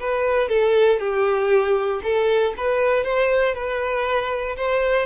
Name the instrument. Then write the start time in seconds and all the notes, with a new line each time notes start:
violin
0.00 B4
0.49 A4
1.00 G4
2.03 A4
2.57 B4
3.04 C5
3.55 B4
4.57 C5